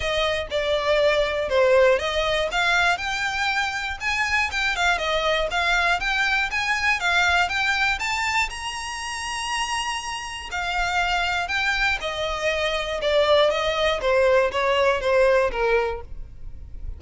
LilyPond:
\new Staff \with { instrumentName = "violin" } { \time 4/4 \tempo 4 = 120 dis''4 d''2 c''4 | dis''4 f''4 g''2 | gis''4 g''8 f''8 dis''4 f''4 | g''4 gis''4 f''4 g''4 |
a''4 ais''2.~ | ais''4 f''2 g''4 | dis''2 d''4 dis''4 | c''4 cis''4 c''4 ais'4 | }